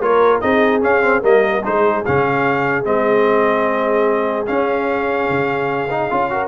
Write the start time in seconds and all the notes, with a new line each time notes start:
0.00 A#3 F4 A#4 C#5
0.40 C4 D#4 G#4 D#5
0.81 C#4 F5
1.01 C4
1.21 G3 A#3 A#4 D#5
1.63 G#3 D#4 G#4 C5
2.05 C#3 C#4 F5
2.84 G#3 C4 D#5
4.46 C#4 F5
5.29 C#3
5.90 D#4
6.10 C#4 F4
6.30 F#4 A#4